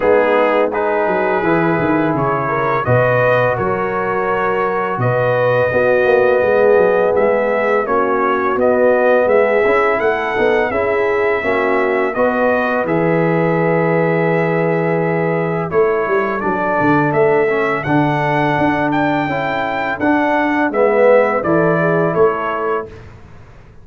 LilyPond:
<<
  \new Staff \with { instrumentName = "trumpet" } { \time 4/4 \tempo 4 = 84 gis'4 b'2 cis''4 | dis''4 cis''2 dis''4~ | dis''2 e''4 cis''4 | dis''4 e''4 fis''4 e''4~ |
e''4 dis''4 e''2~ | e''2 cis''4 d''4 | e''4 fis''4. g''4. | fis''4 e''4 d''4 cis''4 | }
  \new Staff \with { instrumentName = "horn" } { \time 4/4 dis'4 gis'2~ gis'8 ais'8 | b'4 ais'2 b'4 | fis'4 gis'2 fis'4~ | fis'4 gis'4 a'4 gis'4 |
fis'4 b'2.~ | b'2 a'2~ | a'1~ | a'4 b'4 a'8 gis'8 a'4 | }
  \new Staff \with { instrumentName = "trombone" } { \time 4/4 b4 dis'4 e'2 | fis'1 | b2. cis'4 | b4. e'4 dis'8 e'4 |
cis'4 fis'4 gis'2~ | gis'2 e'4 d'4~ | d'8 cis'8 d'2 e'4 | d'4 b4 e'2 | }
  \new Staff \with { instrumentName = "tuba" } { \time 4/4 gis4. fis8 e8 dis8 cis4 | b,4 fis2 b,4 | b8 ais8 gis8 fis8 gis4 ais4 | b4 gis8 cis'8 a8 b8 cis'4 |
ais4 b4 e2~ | e2 a8 g8 fis8 d8 | a4 d4 d'4 cis'4 | d'4 gis4 e4 a4 | }
>>